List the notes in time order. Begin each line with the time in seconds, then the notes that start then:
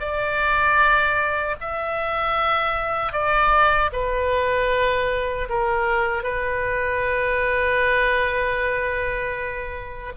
0.00 D5
1.60 E5
3.12 D5
3.92 B4
5.49 A#4
6.23 B4